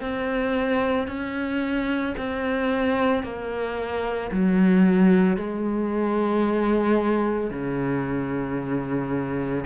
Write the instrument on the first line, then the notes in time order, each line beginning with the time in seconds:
cello
0.00 C4
1.08 C#4
2.18 C4
3.23 A#3
4.31 F#3
5.37 G#3
7.50 C#3